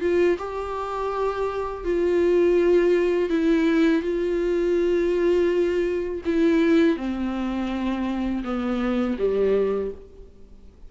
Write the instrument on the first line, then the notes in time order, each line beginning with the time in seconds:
viola
0.00 F4
0.38 G4
1.84 F4
3.29 E4
4.01 F4
6.25 E4
6.96 C4
8.43 B3
9.18 G3